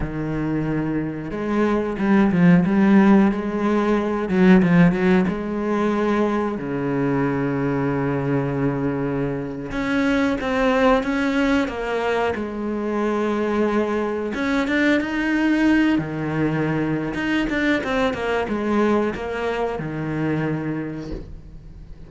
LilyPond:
\new Staff \with { instrumentName = "cello" } { \time 4/4 \tempo 4 = 91 dis2 gis4 g8 f8 | g4 gis4. fis8 f8 fis8 | gis2 cis2~ | cis2~ cis8. cis'4 c'16~ |
c'8. cis'4 ais4 gis4~ gis16~ | gis4.~ gis16 cis'8 d'8 dis'4~ dis'16~ | dis'16 dis4.~ dis16 dis'8 d'8 c'8 ais8 | gis4 ais4 dis2 | }